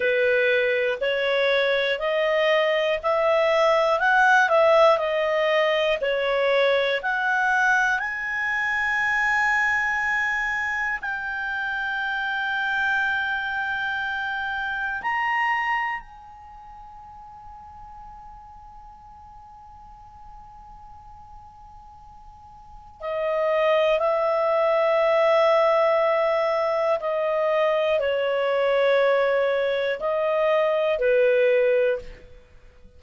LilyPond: \new Staff \with { instrumentName = "clarinet" } { \time 4/4 \tempo 4 = 60 b'4 cis''4 dis''4 e''4 | fis''8 e''8 dis''4 cis''4 fis''4 | gis''2. g''4~ | g''2. ais''4 |
gis''1~ | gis''2. dis''4 | e''2. dis''4 | cis''2 dis''4 b'4 | }